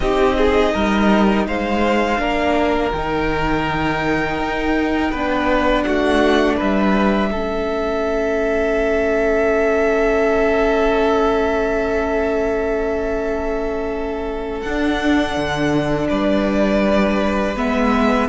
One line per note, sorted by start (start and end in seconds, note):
0.00 0.73 C4
0.00 2.17 D#4
0.00 0.37 G4
0.00 1.45 D#5
0.37 0.73 G#4
0.73 1.46 G3
0.73 1.46 A#4
1.46 2.19 G#3
1.46 2.20 C5
1.46 2.91 F5
2.17 2.92 A#3
2.17 2.90 D4
2.17 5.11 A#4
2.91 4.38 D#3
2.91 5.15 D#4
2.91 5.82 G5
4.38 5.11 D#4
5.11 5.85 B3
5.11 7.32 D4
5.11 5.84 B4
5.82 6.60 A3
5.82 6.56 F#4
5.82 6.55 F#5
6.56 7.32 G3
6.56 7.29 B4
6.56 14.61 E5
7.31 14.64 A3
7.31 14.64 C#4
7.31 16.08 A4
14.61 15.36 D4
14.61 17.55 D4
14.61 16.07 F#5
15.36 16.09 D3
16.08 17.56 G3
16.08 18.28 B4
16.08 17.55 D5
17.55 18.29 G#3
17.55 18.29 B3
17.55 18.29 E5